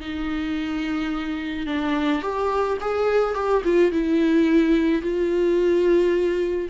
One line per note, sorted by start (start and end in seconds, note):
0.00 1.66 D#4
1.66 2.22 D4
2.22 2.77 G4
2.81 3.34 G#4
3.34 3.62 G4
3.64 3.91 F4
3.91 5.02 E4
5.02 6.68 F4